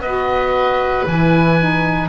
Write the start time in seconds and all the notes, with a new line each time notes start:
0.00 B3 F#4 B4 D#5
1.06 E3 E4 G#5
1.58 D#4